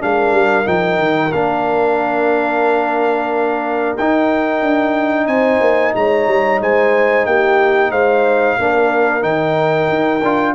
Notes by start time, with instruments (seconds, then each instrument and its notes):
0.00 tuba G#3, trombone D4, horn A#4, trumpet F5
0.32 tuba G3
0.65 tuba F3, trombone D#4, trumpet G5
0.98 tuba D#3
1.32 tuba A#3, trombone D4, trumpet F5
3.97 tuba D#4, trombone D#4, trumpet G5
4.62 tuba D4
5.26 tuba C4, horn C5, trumpet G#5
5.60 tuba A#3
5.95 tuba G#3, horn C#5, trumpet A#5
6.27 tuba G3
6.61 tuba G#3, horn C5, trumpet G#5
7.26 tuba A#3, horn G4, trumpet G5
7.91 tuba G#3, horn C5, trumpet F5
8.59 tuba A#3, trombone D4, horn A#4
9.21 tuba D#3, trombone D#4, trumpet G5
9.89 tuba D#4
10.23 tuba D4, trombone F4